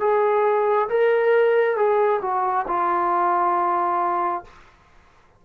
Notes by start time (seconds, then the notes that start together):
0.00 G#4
0.88 A#4
1.76 G#4
2.21 F#4
2.67 F4